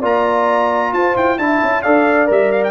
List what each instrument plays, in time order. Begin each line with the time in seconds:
0.00 tuba A#3, trombone F4, horn D5, trumpet A#5
0.94 tuba F4, horn C5, trumpet A5
1.17 tuba E4, trumpet G5
1.39 tuba D4, trombone E4, horn E5, trumpet A5
1.63 tuba C#4
1.83 tuba D4, trombone A4, horn D5, trumpet F5
2.27 tuba G3, trombone A#4, trumpet E5
2.52 trumpet F5
2.64 trumpet G5